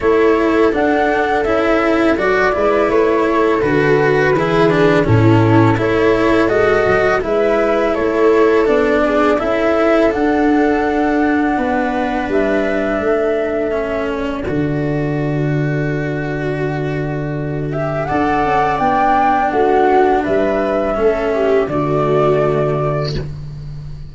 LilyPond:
<<
  \new Staff \with { instrumentName = "flute" } { \time 4/4 \tempo 4 = 83 cis''4 fis''4 e''4 d''4 | cis''4 b'2 a'4 | cis''4 dis''4 e''4 cis''4 | d''4 e''4 fis''2~ |
fis''4 e''2~ e''8 d''8~ | d''1~ | d''8 e''8 fis''4 g''4 fis''4 | e''2 d''2 | }
  \new Staff \with { instrumentName = "viola" } { \time 4/4 a'2.~ a'8 b'8~ | b'8 a'4. gis'4 e'4 | a'2 b'4 a'4~ | a'8 gis'8 a'2. |
b'2 a'2~ | a'1~ | a'4 d''2 fis'4 | b'4 a'8 g'8 fis'2 | }
  \new Staff \with { instrumentName = "cello" } { \time 4/4 e'4 d'4 e'4 fis'8 e'8~ | e'4 fis'4 e'8 d'8 cis'4 | e'4 fis'4 e'2 | d'4 e'4 d'2~ |
d'2. cis'4 | fis'1~ | fis'8 g'8 a'4 d'2~ | d'4 cis'4 a2 | }
  \new Staff \with { instrumentName = "tuba" } { \time 4/4 a4 d'4 cis'4 fis8 gis8 | a4 d4 e4 a,4 | a4 gis8 fis8 gis4 a4 | b4 cis'4 d'2 |
b4 g4 a2 | d1~ | d4 d'8 cis'8 b4 a4 | g4 a4 d2 | }
>>